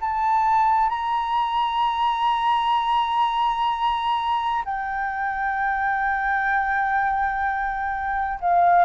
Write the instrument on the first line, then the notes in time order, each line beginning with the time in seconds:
flute
0.00 A5
0.89 A#5
4.64 G5
8.40 F5